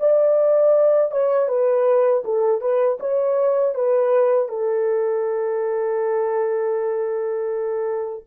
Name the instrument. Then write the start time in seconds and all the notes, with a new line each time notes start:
horn
0.00 D5
1.12 C#5
1.49 B4
2.25 A4
2.61 B4
3.00 C#5
3.75 B4
4.49 A4